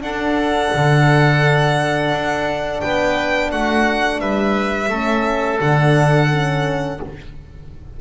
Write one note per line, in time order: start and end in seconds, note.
0.00 0.70 D4
0.00 4.89 D4
0.00 2.82 A4
0.00 2.80 F#5
0.74 2.11 D3
2.11 2.81 D4
2.80 3.52 B3
2.80 3.51 B4
2.80 3.50 G5
3.51 4.21 A3
3.51 4.21 F#4
3.51 4.20 F#5
4.20 4.89 G3
4.20 4.90 B4
4.20 5.59 E5
4.89 5.59 A3
4.89 5.59 C#4
4.89 6.99 A4
5.59 7.00 D3
5.59 6.29 D4
5.59 7.00 F#5
6.31 7.00 C#4